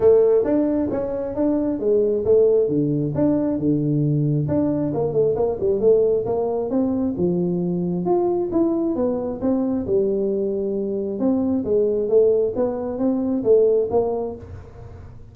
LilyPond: \new Staff \with { instrumentName = "tuba" } { \time 4/4 \tempo 4 = 134 a4 d'4 cis'4 d'4 | gis4 a4 d4 d'4 | d2 d'4 ais8 a8 | ais8 g8 a4 ais4 c'4 |
f2 f'4 e'4 | b4 c'4 g2~ | g4 c'4 gis4 a4 | b4 c'4 a4 ais4 | }